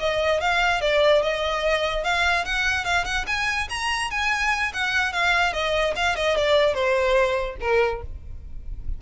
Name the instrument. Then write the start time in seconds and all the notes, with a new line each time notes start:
violin
0.00 D#5
0.41 F5
0.82 D5
1.23 D#5
2.04 F5
2.45 F#5
2.85 F5
3.05 F#5
3.28 G#5
3.70 A#5
4.11 G#5
4.74 F#5
5.13 F5
5.54 D#5
5.96 F5
6.16 D#5
6.37 D5
6.75 C5
7.61 A#4